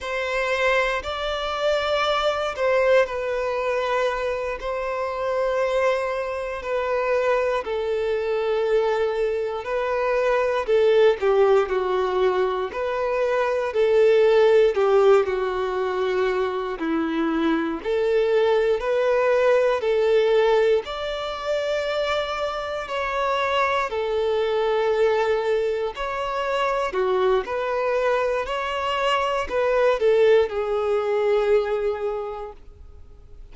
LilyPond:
\new Staff \with { instrumentName = "violin" } { \time 4/4 \tempo 4 = 59 c''4 d''4. c''8 b'4~ | b'8 c''2 b'4 a'8~ | a'4. b'4 a'8 g'8 fis'8~ | fis'8 b'4 a'4 g'8 fis'4~ |
fis'8 e'4 a'4 b'4 a'8~ | a'8 d''2 cis''4 a'8~ | a'4. cis''4 fis'8 b'4 | cis''4 b'8 a'8 gis'2 | }